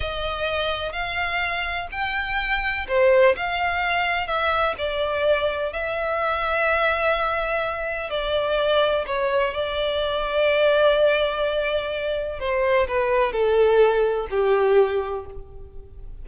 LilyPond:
\new Staff \with { instrumentName = "violin" } { \time 4/4 \tempo 4 = 126 dis''2 f''2 | g''2 c''4 f''4~ | f''4 e''4 d''2 | e''1~ |
e''4 d''2 cis''4 | d''1~ | d''2 c''4 b'4 | a'2 g'2 | }